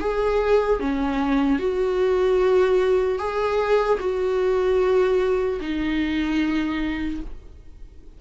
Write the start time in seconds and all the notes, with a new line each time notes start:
0.00 G#4
0.80 C#4
1.59 F#4
3.19 G#4
4.00 F#4
5.61 D#4